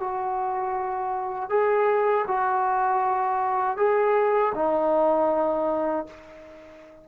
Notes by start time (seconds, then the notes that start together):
0.00 F#4
1.50 G#4
2.28 F#4
3.78 G#4
4.55 D#4